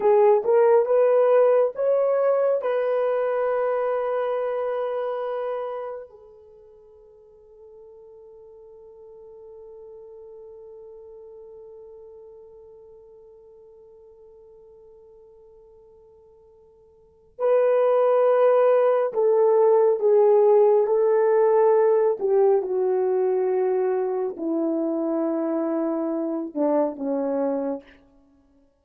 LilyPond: \new Staff \with { instrumentName = "horn" } { \time 4/4 \tempo 4 = 69 gis'8 ais'8 b'4 cis''4 b'4~ | b'2. a'4~ | a'1~ | a'1~ |
a'1 | b'2 a'4 gis'4 | a'4. g'8 fis'2 | e'2~ e'8 d'8 cis'4 | }